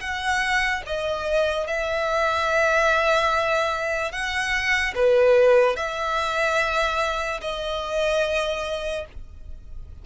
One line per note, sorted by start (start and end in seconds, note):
0.00 0.82 F#5
0.86 1.67 D#5
1.67 4.11 E5
4.11 4.94 F#5
4.95 5.76 B4
5.76 7.40 E5
7.41 9.05 D#5